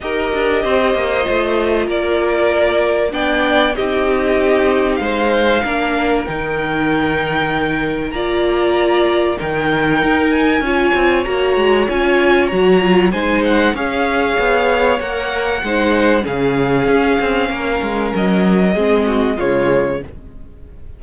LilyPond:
<<
  \new Staff \with { instrumentName = "violin" } { \time 4/4 \tempo 4 = 96 dis''2. d''4~ | d''4 g''4 dis''2 | f''2 g''2~ | g''4 ais''2 g''4~ |
g''8 gis''4. ais''4 gis''4 | ais''4 gis''8 fis''8 f''2 | fis''2 f''2~ | f''4 dis''2 cis''4 | }
  \new Staff \with { instrumentName = "violin" } { \time 4/4 ais'4 c''2 ais'4~ | ais'4 d''4 g'2 | c''4 ais'2.~ | ais'4 d''2 ais'4~ |
ais'4 cis''2.~ | cis''4 c''4 cis''2~ | cis''4 c''4 gis'2 | ais'2 gis'8 fis'8 f'4 | }
  \new Staff \with { instrumentName = "viola" } { \time 4/4 g'2 f'2~ | f'4 d'4 dis'2~ | dis'4 d'4 dis'2~ | dis'4 f'2 dis'4~ |
dis'4 f'4 fis'4 f'4 | fis'8 f'8 dis'4 gis'2 | ais'4 dis'4 cis'2~ | cis'2 c'4 gis4 | }
  \new Staff \with { instrumentName = "cello" } { \time 4/4 dis'8 d'8 c'8 ais8 a4 ais4~ | ais4 b4 c'2 | gis4 ais4 dis2~ | dis4 ais2 dis4 |
dis'4 cis'8 c'8 ais8 gis8 cis'4 | fis4 gis4 cis'4 b4 | ais4 gis4 cis4 cis'8 c'8 | ais8 gis8 fis4 gis4 cis4 | }
>>